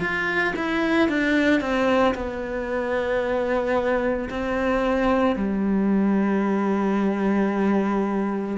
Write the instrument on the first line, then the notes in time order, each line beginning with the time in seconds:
cello
0.00 F4
0.56 E4
1.08 D4
1.60 C4
2.14 B3
4.30 C4
5.35 G3